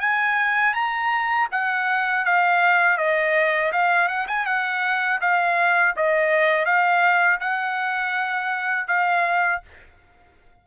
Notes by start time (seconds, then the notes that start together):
0.00 G#5
0.74 A#5
1.51 F#5
2.25 F5
2.97 D#5
3.72 F5
4.08 F#5
4.27 G#5
4.45 F#5
5.21 F5
5.96 D#5
6.65 F5
7.40 F#5
8.88 F5